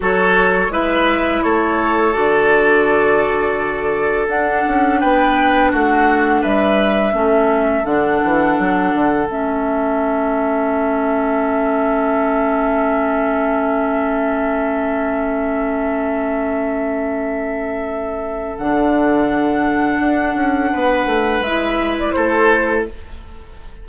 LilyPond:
<<
  \new Staff \with { instrumentName = "flute" } { \time 4/4 \tempo 4 = 84 cis''4 e''4 cis''4 d''4~ | d''2 fis''4 g''4 | fis''4 e''2 fis''4~ | fis''4 e''2.~ |
e''1~ | e''1~ | e''2 fis''2~ | fis''2 e''8. d''16 c''4 | }
  \new Staff \with { instrumentName = "oboe" } { \time 4/4 a'4 b'4 a'2~ | a'2. b'4 | fis'4 b'4 a'2~ | a'1~ |
a'1~ | a'1~ | a'1~ | a'4 b'2 a'4 | }
  \new Staff \with { instrumentName = "clarinet" } { \time 4/4 fis'4 e'2 fis'4~ | fis'2 d'2~ | d'2 cis'4 d'4~ | d'4 cis'2.~ |
cis'1~ | cis'1~ | cis'2 d'2~ | d'2 e'2 | }
  \new Staff \with { instrumentName = "bassoon" } { \time 4/4 fis4 gis4 a4 d4~ | d2 d'8 cis'8 b4 | a4 g4 a4 d8 e8 | fis8 d8 a2.~ |
a1~ | a1~ | a2 d2 | d'8 cis'8 b8 a8 gis4 a4 | }
>>